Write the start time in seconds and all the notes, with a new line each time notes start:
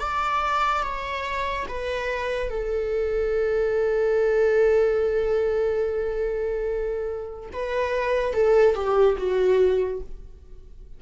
0.00 D5
0.83 C#5
1.69 B4
2.50 A4
7.53 B4
8.34 A4
8.75 G4
9.17 F#4